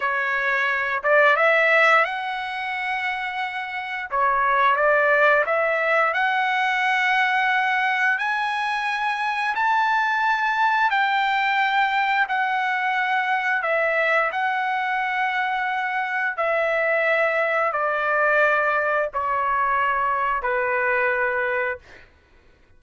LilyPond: \new Staff \with { instrumentName = "trumpet" } { \time 4/4 \tempo 4 = 88 cis''4. d''8 e''4 fis''4~ | fis''2 cis''4 d''4 | e''4 fis''2. | gis''2 a''2 |
g''2 fis''2 | e''4 fis''2. | e''2 d''2 | cis''2 b'2 | }